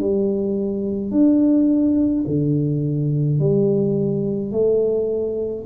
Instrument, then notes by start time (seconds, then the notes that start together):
tuba
0.00 G3
1.11 D4
2.27 D3
3.40 G3
4.51 A3